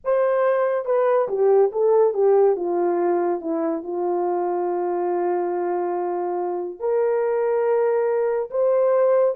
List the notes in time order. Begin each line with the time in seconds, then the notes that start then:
0.04 C5
0.85 B4
1.28 G4
1.72 A4
2.13 G4
2.56 F4
3.40 E4
3.83 F4
6.79 A#4
8.50 C5